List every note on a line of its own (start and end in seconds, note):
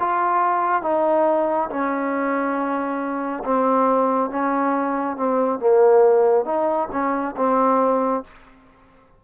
0.00 0.83 F4
0.83 1.70 D#4
1.70 3.44 C#4
3.44 4.30 C4
4.30 5.17 C#4
5.17 5.59 C4
5.59 6.45 A#3
6.45 6.89 D#4
6.92 7.35 C#4
7.37 8.24 C4